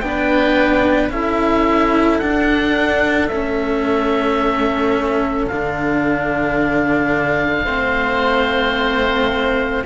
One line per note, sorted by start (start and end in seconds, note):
0.00 1.09 B3
0.00 1.12 D4
0.00 1.09 G5
0.07 1.13 B4
1.09 2.18 C#4
1.09 2.22 E4
1.09 7.65 A4
1.09 2.18 E5
2.18 3.28 D4
2.18 3.31 D4
2.18 3.27 F#5
3.27 5.46 A3
3.27 5.50 C#4
3.27 5.46 E5
5.47 7.65 D3
5.47 7.66 D4
5.47 9.84 F5
7.65 9.83 A3
7.65 9.85 C4
7.65 9.83 C5